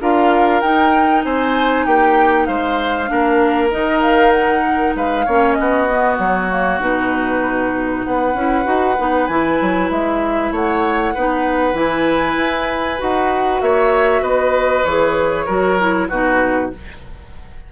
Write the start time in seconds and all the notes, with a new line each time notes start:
0.00 D4 F4 A#4 F5
0.60 D#4 G5
1.24 C4 C5 G#5
1.85 A#3 G4 G5
2.46 G#3 C5 F5
3.07 A#3 D4 A#4
3.70 D#3 D#4 D#5
4.02 F5
4.31 F#5
4.95 G#3 B4 F5
5.25 A#3 C#4 C#5
5.53 B3 D#5
5.60 F#4
5.89 B3
6.18 F#3 C#5
6.50 A#3
6.80 B2 D#4 B4
8.03 B3 B4 F#5
8.34 C#4 E4
8.64 D#4 F#4
8.98 B3 D#4
9.27 E3 E4 G#5
9.61 F#3
9.91 G#3 E5
10.51 A3 C#5 F#5
11.14 B3 D#4 B4
11.73 E3 E4 G#5
12.37 E4
12.98 D#4 F#4 F#5
13.61 A#3 C#5 E5
14.21 B3 B4 D#5
14.85 E3 G#4 C#5
15.45 F#3 F#4 A#4
15.79 E4
16.09 B2 D#4 F#4 B4